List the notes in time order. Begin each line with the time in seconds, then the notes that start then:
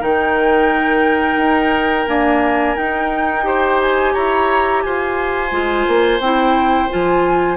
0.00 D#3 D#4 A#4 G5
1.36 D#4
2.07 A#3 D4 G#5
2.75 D#4 G5
3.42 G4 C5
3.81 G#5
4.13 E4 C#5 A#5
4.82 F4 C5 G#5
5.51 G#3 F4
5.88 A#3
6.19 C4 E4 G5
6.89 F3 F4 G#5